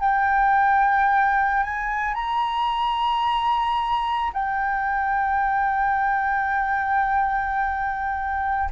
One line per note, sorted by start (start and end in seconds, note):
0.00 1.64 G5
1.64 2.14 G#5
2.14 4.32 A#5
4.33 8.70 G5